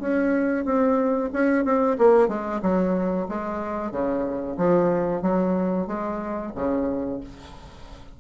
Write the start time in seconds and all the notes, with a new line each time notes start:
0.00 C#4
0.65 C4
1.33 C#4
1.64 C4
1.98 A#3
2.28 G#3
2.62 F#3
3.29 G#3
3.91 C#3
4.57 F3
5.22 F#3
5.87 G#3
6.55 C#3